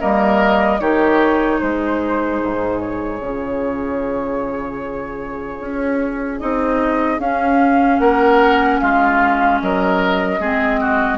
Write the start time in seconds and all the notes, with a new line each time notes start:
0.00 G3 A#3 A#4 D#5
0.80 D#3 D#4 G4 C#5
1.59 G#3 G#4 C5
2.43 G#2
2.80 C#5
3.19 C#3 F4
5.60 C#4
6.39 C4 D#4 D#5
7.19 C#4 F5
7.99 A#3 A#4 F#5
8.79 G#3 F4 F5
9.61 F#3 A#4 D#5
10.40 G#3 C4 G#4
10.81 F#4